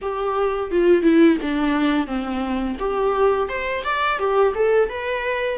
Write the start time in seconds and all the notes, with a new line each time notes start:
0.01 G4
0.71 F4
1.02 E4
1.41 D4
2.06 C4
2.79 G4
3.48 C5
3.84 D5
4.18 G4
4.54 A4
4.89 B4